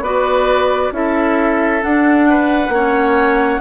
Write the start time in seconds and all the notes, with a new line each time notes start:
0.00 B3 F#4 B4 D5
0.92 C#4 E4 A4 E5
1.82 D4 F#5
2.30 B4
2.69 A#3 C#4 C#5